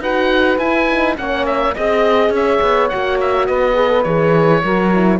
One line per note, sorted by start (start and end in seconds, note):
0.00 0.58 D#4
0.00 0.60 F#4
0.00 1.16 B4
0.00 0.58 F#5
0.58 1.16 E4
0.58 0.89 E4
0.58 1.16 G#5
0.89 1.16 D#4
1.16 1.75 A#3
1.16 1.74 C#4
1.16 1.75 C#5
1.16 1.46 F#5
1.46 1.75 E5
1.75 2.29 C4
1.75 2.91 G#4
1.75 2.33 D#5
2.29 2.58 C#4
2.29 3.47 C#5
2.36 2.89 E5
2.62 2.90 B3
2.89 3.48 A#3
2.89 3.74 F#4
2.89 3.17 F#5
3.20 3.46 E5
3.46 4.05 B3
3.46 4.62 B4
3.46 4.03 D#5
3.74 3.88 G#4
3.88 4.03 A4
4.03 4.63 E3
4.03 4.63 G#4
4.03 5.19 C#5
4.62 5.20 F#3
4.62 4.93 F#4
4.62 5.19 A#4
4.94 5.20 E4